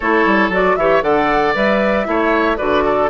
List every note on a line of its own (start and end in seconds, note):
0.00 0.25 A3
0.00 0.52 E4
0.00 0.76 A4
0.00 0.51 C#5
0.25 0.49 G3
0.49 0.75 F#3
0.49 0.78 F#4
0.49 0.76 D5
0.76 1.02 E3
0.76 1.02 G4
0.76 1.03 C#5
0.76 1.02 E5
1.02 1.53 D3
1.02 1.54 A4
1.02 2.07 D5
1.02 1.54 F#5
1.54 2.07 G3
1.54 2.05 B4
1.54 2.57 E5
2.05 2.59 A3
2.05 2.56 E4
2.05 2.57 C#5
2.57 3.10 D3
2.57 3.09 F#4
2.57 2.83 B4
2.57 3.09 D5
2.84 3.10 A4